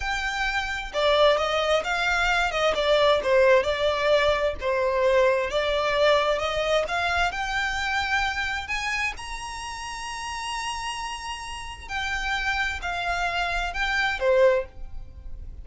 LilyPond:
\new Staff \with { instrumentName = "violin" } { \time 4/4 \tempo 4 = 131 g''2 d''4 dis''4 | f''4. dis''8 d''4 c''4 | d''2 c''2 | d''2 dis''4 f''4 |
g''2. gis''4 | ais''1~ | ais''2 g''2 | f''2 g''4 c''4 | }